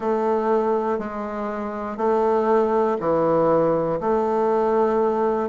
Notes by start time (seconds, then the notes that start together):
0.00 A3
0.99 G#3
1.97 A3
3.00 E3
4.00 A3